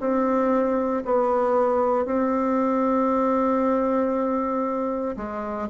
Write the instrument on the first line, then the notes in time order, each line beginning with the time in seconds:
bassoon
0.00 C4
1.05 B3
2.05 C4
5.17 G#3